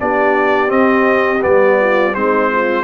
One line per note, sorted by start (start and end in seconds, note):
0.00 0.72 B3
0.00 0.68 D4
0.00 1.80 G4
0.00 0.71 D5
0.68 1.40 C4
0.68 1.43 C4
0.68 1.43 D#5
1.42 2.16 G3
1.42 2.13 B3
1.42 2.15 D5
1.81 2.15 F4
2.14 2.84 G#3
2.14 2.84 C4
2.14 2.51 D#4
2.14 2.84 C5
2.52 2.84 F4